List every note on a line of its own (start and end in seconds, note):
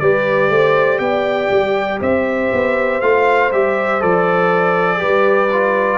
0.00 0.50 G3
0.00 3.02 G4
0.00 0.51 B4
0.00 0.99 D5
0.50 1.00 A3
0.50 1.01 C5
0.99 1.50 B3
0.99 2.01 D5
0.99 1.99 G5
1.51 2.01 G3
2.01 2.51 C4
2.01 5.00 C5
2.01 3.01 E5
2.53 3.02 B3
3.01 3.52 A3
3.01 3.52 F4
3.01 3.51 F5
3.52 4.02 G3
3.52 4.00 G4
3.52 4.02 E5
4.00 5.03 F3
4.00 4.99 A4
4.00 5.99 D5
4.99 5.99 G3
4.99 5.49 G4
4.99 5.99 B4
5.53 5.99 F4